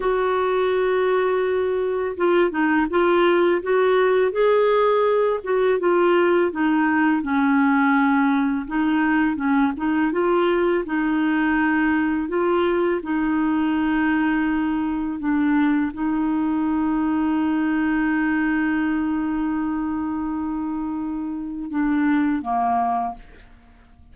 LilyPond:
\new Staff \with { instrumentName = "clarinet" } { \time 4/4 \tempo 4 = 83 fis'2. f'8 dis'8 | f'4 fis'4 gis'4. fis'8 | f'4 dis'4 cis'2 | dis'4 cis'8 dis'8 f'4 dis'4~ |
dis'4 f'4 dis'2~ | dis'4 d'4 dis'2~ | dis'1~ | dis'2 d'4 ais4 | }